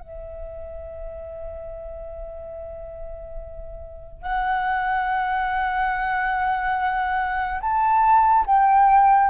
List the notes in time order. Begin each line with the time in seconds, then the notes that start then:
0.00 E5
4.22 F#5
7.60 A5
8.46 G5